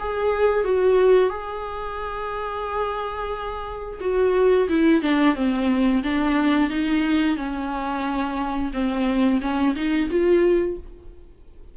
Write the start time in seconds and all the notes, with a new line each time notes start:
0.00 G#4
0.65 F#4
1.30 G#4
4.01 F#4
4.69 E4
5.02 D4
5.36 C4
6.03 D4
6.70 D#4
7.37 C#4
8.73 C4
9.41 C#4
9.76 D#4
10.10 F4